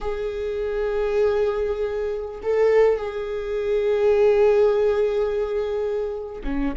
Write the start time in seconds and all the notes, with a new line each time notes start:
0.00 G#4
2.42 A4
2.97 G#4
6.44 C#4